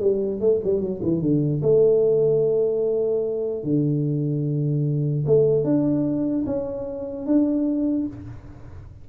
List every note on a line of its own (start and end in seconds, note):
0.00 0.40 G3
0.40 0.61 A3
0.64 0.81 G3
0.81 1.01 F#3
1.03 1.22 E3
1.22 1.62 D3
1.63 3.64 A3
3.64 5.25 D3
5.27 5.65 A3
5.65 6.45 D4
6.47 7.26 C#4
7.26 8.07 D4